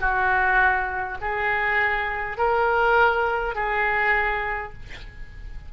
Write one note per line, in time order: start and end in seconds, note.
0.00 1.18 F#4
1.21 2.37 G#4
2.37 3.55 A#4
3.55 4.73 G#4